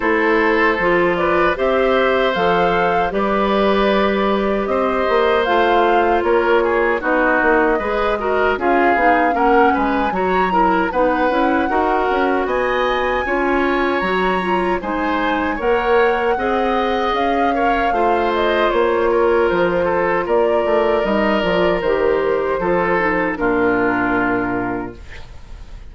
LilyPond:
<<
  \new Staff \with { instrumentName = "flute" } { \time 4/4 \tempo 4 = 77 c''4. d''8 e''4 f''4 | d''2 dis''4 f''4 | cis''4 dis''2 f''4 | fis''8 gis''8 ais''4 fis''2 |
gis''2 ais''4 gis''4 | fis''2 f''4. dis''8 | cis''4 c''4 d''4 dis''8 d''8 | c''2 ais'2 | }
  \new Staff \with { instrumentName = "oboe" } { \time 4/4 a'4. b'8 c''2 | b'2 c''2 | ais'8 gis'8 fis'4 b'8 ais'8 gis'4 | ais'8 b'8 cis''8 ais'8 b'4 ais'4 |
dis''4 cis''2 c''4 | cis''4 dis''4. cis''8 c''4~ | c''8 ais'4 a'8 ais'2~ | ais'4 a'4 f'2 | }
  \new Staff \with { instrumentName = "clarinet" } { \time 4/4 e'4 f'4 g'4 a'4 | g'2. f'4~ | f'4 dis'4 gis'8 fis'8 f'8 dis'8 | cis'4 fis'8 e'8 dis'8 e'8 fis'4~ |
fis'4 f'4 fis'8 f'8 dis'4 | ais'4 gis'4. ais'8 f'4~ | f'2. dis'8 f'8 | g'4 f'8 dis'8 d'2 | }
  \new Staff \with { instrumentName = "bassoon" } { \time 4/4 a4 f4 c'4 f4 | g2 c'8 ais8 a4 | ais4 b8 ais8 gis4 cis'8 b8 | ais8 gis8 fis4 b8 cis'8 dis'8 cis'8 |
b4 cis'4 fis4 gis4 | ais4 c'4 cis'4 a4 | ais4 f4 ais8 a8 g8 f8 | dis4 f4 ais,2 | }
>>